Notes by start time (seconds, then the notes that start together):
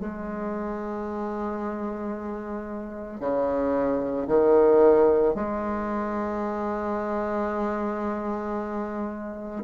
0.00 G#3
3.20 C#3
4.28 D#3
5.35 G#3